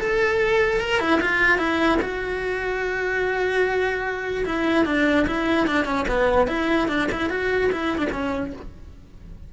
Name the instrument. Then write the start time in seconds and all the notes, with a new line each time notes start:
cello
0.00 A4
0.81 A#4
1.00 E4
1.21 F4
1.58 E4
2.02 F#4
4.46 E4
4.86 D4
5.27 E4
5.67 D4
5.85 C#4
6.08 B3
6.48 E4
6.88 D4
7.12 E4
7.30 F#4
7.72 E4
7.98 D4
8.12 C#4